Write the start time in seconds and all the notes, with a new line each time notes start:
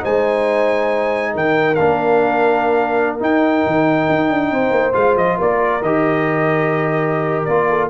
0.00 G#3 D#4 C5 G#5
1.33 D#3 A#4 G5
1.74 A#3 D4 F5
3.19 D#4 G5
3.66 D#3
4.09 D#4
4.29 D4
4.51 C4 C5
4.71 A#3
4.93 G#3 F4 F5
5.16 F3 D#5
5.37 A#3 A#4 D5
5.81 D#3 G4 D#5
7.44 A#3 F4 D5
7.69 A4